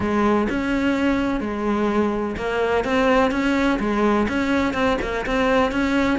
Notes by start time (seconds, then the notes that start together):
0.00 G#3
0.49 C#4
1.40 G#3
2.36 A#3
2.84 C4
3.31 C#4
3.79 G#3
4.28 C#4
4.73 C4
5.01 A#3
5.26 C4
5.71 C#4